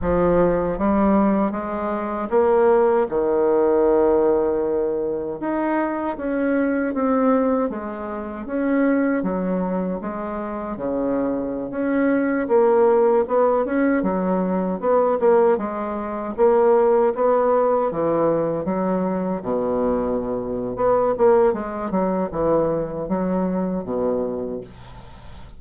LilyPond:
\new Staff \with { instrumentName = "bassoon" } { \time 4/4 \tempo 4 = 78 f4 g4 gis4 ais4 | dis2. dis'4 | cis'4 c'4 gis4 cis'4 | fis4 gis4 cis4~ cis16 cis'8.~ |
cis'16 ais4 b8 cis'8 fis4 b8 ais16~ | ais16 gis4 ais4 b4 e8.~ | e16 fis4 b,4.~ b,16 b8 ais8 | gis8 fis8 e4 fis4 b,4 | }